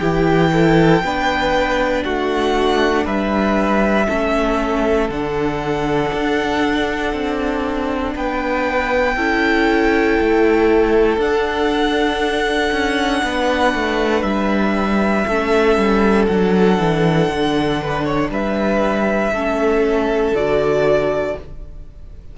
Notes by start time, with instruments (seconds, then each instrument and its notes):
0.00 cello E3, viola E4, violin G4 G5
0.53 violin A4
1.03 cello B3, viola D4, violin B4
2.05 cello A3, violin F#4 F#5
3.05 cello G3, violin B4 E5
4.08 cello A3, viola C#4, violin A4
5.10 cello D3, viola D4, violin F#5
6.13 cello D4
7.13 cello C4
8.15 cello B3, violin B4 G5
9.16 cello C#4, viola E4, violin A4
10.21 cello A3
11.18 cello D4, viola D4, violin F#5
12.72 cello C#4
13.24 cello B3, violin B4
13.75 cello A3
14.23 cello G3, violin E5
15.27 cello A3, viola C#4, violin A4
15.77 cello G3
16.27 cello F#3, viola D4, violin F#5
16.79 cello E3
17.29 cello D3
17.82 violin B4
18.05 violin C#5
18.30 cello G3, violin B4 E5
19.33 cello A3, viola C#4, violin A4
20.33 cello D3, viola F#4, violin D5